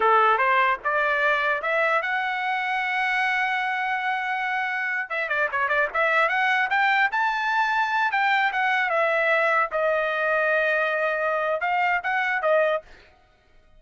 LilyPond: \new Staff \with { instrumentName = "trumpet" } { \time 4/4 \tempo 4 = 150 a'4 c''4 d''2 | e''4 fis''2.~ | fis''1~ | fis''8. e''8 d''8 cis''8 d''8 e''4 fis''16~ |
fis''8. g''4 a''2~ a''16~ | a''16 g''4 fis''4 e''4.~ e''16~ | e''16 dis''2.~ dis''8.~ | dis''4 f''4 fis''4 dis''4 | }